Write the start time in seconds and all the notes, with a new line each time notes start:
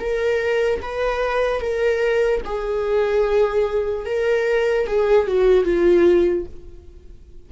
0.00 A#4
0.82 B4
1.61 A#4
2.45 G#4
4.06 A#4
4.87 G#4
5.27 F#4
5.65 F4